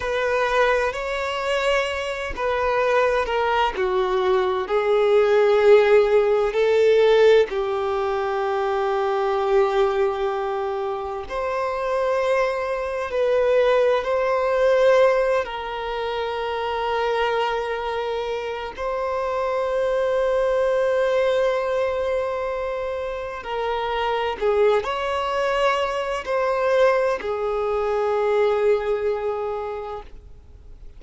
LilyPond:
\new Staff \with { instrumentName = "violin" } { \time 4/4 \tempo 4 = 64 b'4 cis''4. b'4 ais'8 | fis'4 gis'2 a'4 | g'1 | c''2 b'4 c''4~ |
c''8 ais'2.~ ais'8 | c''1~ | c''4 ais'4 gis'8 cis''4. | c''4 gis'2. | }